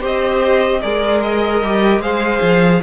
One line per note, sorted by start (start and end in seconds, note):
0.00 0.83 C4
0.00 0.81 G4
0.00 0.80 C5
0.00 0.82 D#5
0.82 1.62 G#3
0.82 1.63 G#4
0.82 2.02 A#4
0.82 1.22 D5
1.22 2.02 D#5
1.62 1.99 G3
1.62 2.02 G4
1.99 2.39 G#3
1.99 2.82 G#4
1.99 2.82 C5
1.99 2.82 F5
2.42 2.82 F3